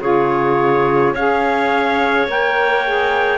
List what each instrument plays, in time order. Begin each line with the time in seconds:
0.00 cello C#3, saxophone F4, clarinet G#4, trumpet C#5
1.12 cello C#4, saxophone G#4, clarinet C#5, trumpet F5
2.27 cello A#3, saxophone A#4, trumpet G5
2.85 saxophone G#4